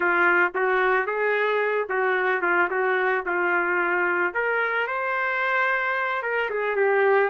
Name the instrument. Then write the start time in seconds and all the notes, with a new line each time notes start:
trumpet
0.00 F4
0.55 F#4
1.06 G#4
1.89 F#4
2.41 F4
2.70 F#4
3.25 F4
4.34 A#4
4.87 C5
6.22 A#4
6.49 G#4
6.75 G4